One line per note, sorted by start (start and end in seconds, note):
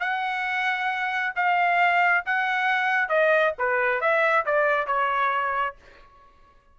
0.00 1.33 F#5
1.36 2.24 F5
2.25 3.09 F#5
3.09 3.53 D#5
3.59 4.01 B4
4.01 4.45 E5
4.46 4.87 D5
4.87 5.76 C#5